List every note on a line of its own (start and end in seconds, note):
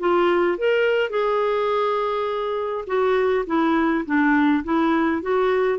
0.00 0.58 F4
0.58 1.10 A#4
1.10 2.85 G#4
2.87 3.45 F#4
3.47 4.05 E4
4.06 4.64 D4
4.64 5.22 E4
5.22 5.79 F#4